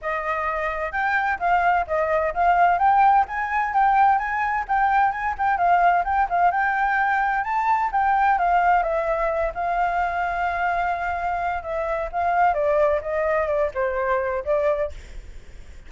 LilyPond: \new Staff \with { instrumentName = "flute" } { \time 4/4 \tempo 4 = 129 dis''2 g''4 f''4 | dis''4 f''4 g''4 gis''4 | g''4 gis''4 g''4 gis''8 g''8 | f''4 g''8 f''8 g''2 |
a''4 g''4 f''4 e''4~ | e''8 f''2.~ f''8~ | f''4 e''4 f''4 d''4 | dis''4 d''8 c''4. d''4 | }